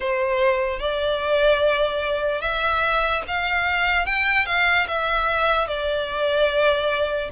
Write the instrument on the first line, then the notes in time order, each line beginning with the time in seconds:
violin
0.00 C5
0.79 D5
2.41 E5
3.27 F5
4.06 G5
4.46 F5
4.87 E5
5.67 D5